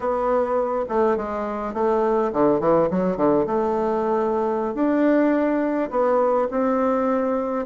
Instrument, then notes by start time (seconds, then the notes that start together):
bassoon
0.00 B3
0.88 A3
1.16 G#3
1.73 A3
2.32 D3
2.60 E3
2.90 F#3
3.16 D3
3.46 A3
4.74 D4
5.90 B3
6.50 C4